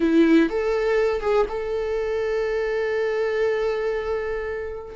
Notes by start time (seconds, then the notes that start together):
0.00 E4
0.49 A4
1.21 G#4
1.48 A4